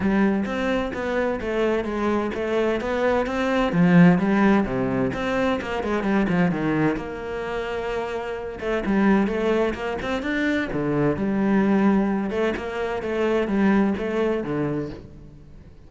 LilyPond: \new Staff \with { instrumentName = "cello" } { \time 4/4 \tempo 4 = 129 g4 c'4 b4 a4 | gis4 a4 b4 c'4 | f4 g4 c4 c'4 | ais8 gis8 g8 f8 dis4 ais4~ |
ais2~ ais8 a8 g4 | a4 ais8 c'8 d'4 d4 | g2~ g8 a8 ais4 | a4 g4 a4 d4 | }